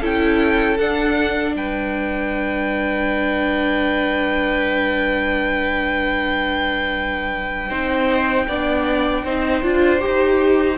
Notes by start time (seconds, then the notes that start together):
0.00 C#4 E4 A4 G5
0.78 D4 F#5
1.55 G3 B4 G5
7.68 C4 D#4 C5
8.48 B3 D4 D5
9.24 C4 D#4 C5
9.63 D4 F4
9.99 G4
10.06 D#4